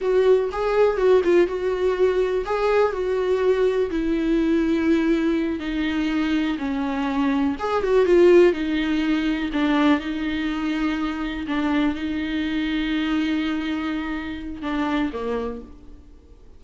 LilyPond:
\new Staff \with { instrumentName = "viola" } { \time 4/4 \tempo 4 = 123 fis'4 gis'4 fis'8 f'8 fis'4~ | fis'4 gis'4 fis'2 | e'2.~ e'8 dis'8~ | dis'4. cis'2 gis'8 |
fis'8 f'4 dis'2 d'8~ | d'8 dis'2. d'8~ | d'8 dis'2.~ dis'8~ | dis'2 d'4 ais4 | }